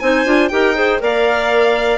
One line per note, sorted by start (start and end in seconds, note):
0.00 0.25 C4
0.00 0.25 D#4
0.00 0.51 C5
0.00 0.48 G#5
0.25 0.50 D4
0.25 0.50 F4
0.48 1.01 D#4
0.48 0.74 G4
0.48 0.76 A#4
0.48 0.98 G5
0.74 0.99 G#4
0.74 1.01 C5
0.99 1.98 A#3
0.99 1.98 A#4
0.99 1.98 D5
0.99 1.98 F5